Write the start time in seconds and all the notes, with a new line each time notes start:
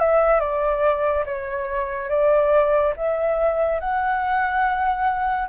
0.00 E5
0.40 D5
1.26 C#5
2.09 D5
2.97 E5
3.80 F#5